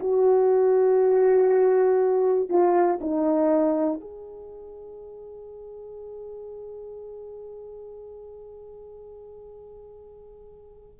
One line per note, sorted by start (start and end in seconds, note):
0.00 2.50 F#4
2.50 3.00 F4
3.01 4.01 D#4
4.01 11.00 G#4